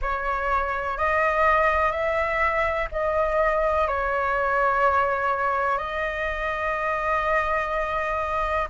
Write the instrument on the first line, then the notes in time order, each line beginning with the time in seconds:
flute
0.01 C#5
0.97 D#5
1.91 E5
2.91 D#5
3.87 C#5
5.78 D#5